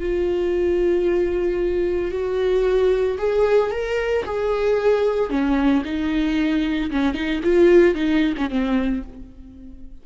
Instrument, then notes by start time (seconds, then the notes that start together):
viola
0.00 F4
2.12 F#4
3.19 G#4
3.72 A#4
4.25 G#4
5.30 C#4
5.85 D#4
6.91 C#4
7.14 D#4
7.44 F4
7.95 D#4
8.37 C#4
8.50 C4